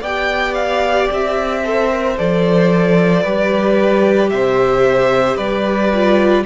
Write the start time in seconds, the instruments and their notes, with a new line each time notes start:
0.00 cello B3, viola G4, violin D5 G5
0.54 violin F5
1.10 cello C4, violin E5
1.64 viola A4, violin C5
1.90 viola A#4
2.17 cello F3, viola A4, violin D5
3.22 cello G3, viola G4, violin B4
4.29 cello C3, violin C5 E5
5.36 cello G3, violin B4 D5
5.93 viola F4